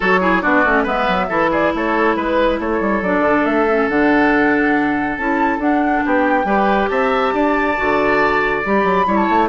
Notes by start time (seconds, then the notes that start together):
0.00 F#3 F#4 A4 C#5
0.20 E4 G#4
0.41 B3 D4 F#4 D5
0.64 A3 C#4
0.83 G#3 B3 B4 E5
1.07 F#3
1.28 E3 E4 A4
1.50 G#4 D5
1.74 A3 A4 C#5
2.16 G#3 B4
2.59 A3 A4 C#5
2.80 G3
3.01 F#3 D4 D5
3.20 D3
3.45 A3 E5
3.68 C#4
3.88 D3 D4 F#5
5.17 C#4 E4 A5
5.58 D4 F#5
6.04 B3 G4 G5
6.44 G3 G4 B4
6.88 C4 E5 A5
7.33 D4 D5
7.76 D3 F#4
8.65 G3 G4 B5
8.83 F#3
9.06 G3 E4 C#5
9.16 A5
9.29 A3